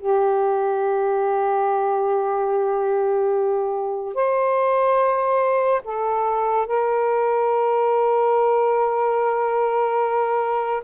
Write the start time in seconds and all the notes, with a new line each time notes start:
0.00 G4
4.15 C5
5.84 A4
6.67 A#4